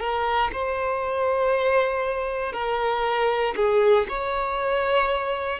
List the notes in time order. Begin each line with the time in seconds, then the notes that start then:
0.00 A#4
0.53 C5
2.53 A#4
3.56 G#4
4.09 C#5